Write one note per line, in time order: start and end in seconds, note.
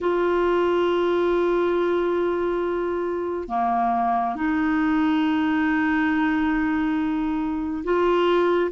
0.00 3.48 F4
3.48 4.35 A#3
4.35 7.83 D#4
7.83 8.70 F4